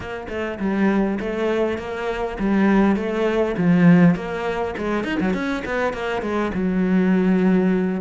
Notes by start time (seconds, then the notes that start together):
0.00 A#3
0.28 A3
0.59 G3
1.20 A3
1.78 A#3
2.39 G3
2.96 A3
3.57 F3
4.15 A#3
4.77 G#3
5.04 D#4
5.20 F#3
5.33 C#4
5.65 B3
5.93 A#3
6.22 G#3
6.53 F#3